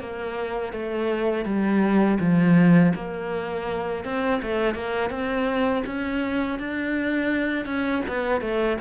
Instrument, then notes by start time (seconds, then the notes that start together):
cello
0.00 A#3
0.73 A3
1.45 G3
2.20 F3
2.95 A#3
4.04 C4
4.42 A3
4.75 A#3
5.10 C4
5.86 C#4
6.59 D4
7.65 C#4
8.08 B3
8.41 A3